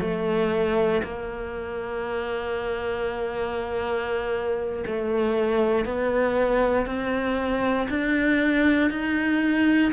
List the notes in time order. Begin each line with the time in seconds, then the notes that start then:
0.00 A3
1.03 A#3
4.86 A3
5.85 B3
6.86 C4
7.90 D4
8.90 D#4